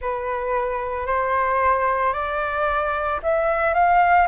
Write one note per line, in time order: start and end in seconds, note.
0.00 1.06 B4
1.06 2.13 C5
2.13 3.20 D5
3.22 3.74 E5
3.74 4.27 F5